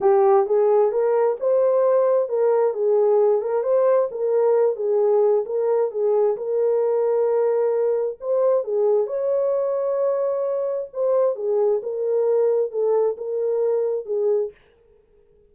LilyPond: \new Staff \with { instrumentName = "horn" } { \time 4/4 \tempo 4 = 132 g'4 gis'4 ais'4 c''4~ | c''4 ais'4 gis'4. ais'8 | c''4 ais'4. gis'4. | ais'4 gis'4 ais'2~ |
ais'2 c''4 gis'4 | cis''1 | c''4 gis'4 ais'2 | a'4 ais'2 gis'4 | }